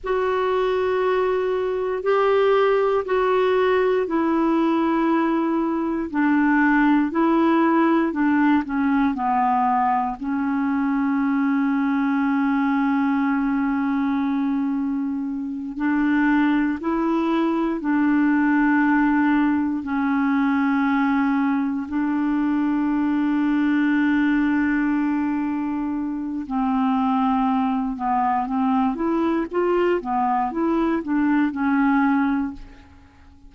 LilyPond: \new Staff \with { instrumentName = "clarinet" } { \time 4/4 \tempo 4 = 59 fis'2 g'4 fis'4 | e'2 d'4 e'4 | d'8 cis'8 b4 cis'2~ | cis'2.~ cis'8 d'8~ |
d'8 e'4 d'2 cis'8~ | cis'4. d'2~ d'8~ | d'2 c'4. b8 | c'8 e'8 f'8 b8 e'8 d'8 cis'4 | }